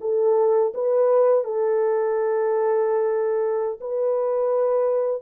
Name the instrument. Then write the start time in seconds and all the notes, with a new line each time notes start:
horn
0.00 A4
0.74 B4
1.44 A4
3.81 B4